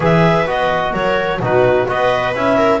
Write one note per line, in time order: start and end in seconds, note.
0.00 0.46 E3
0.00 0.45 G#4
0.00 0.92 B4
0.00 0.49 E5
0.46 0.92 B3
0.46 1.40 F#4
0.46 0.94 D#5
0.92 1.39 F#3
0.92 1.39 A#4
0.92 1.41 C#5
1.39 1.86 B2
1.39 1.87 D#4
1.39 1.88 F#4
1.39 1.88 B4
1.87 2.34 B3
1.87 2.34 F#4
1.87 2.57 B4
1.87 2.35 D#5
2.34 2.80 C#4
2.34 2.80 E4
2.34 2.80 E5
2.57 2.80 A#4